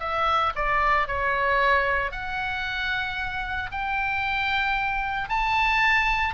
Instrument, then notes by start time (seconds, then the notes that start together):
oboe
0.00 E5
0.56 D5
1.07 C#5
2.11 F#5
3.71 G5
5.29 A5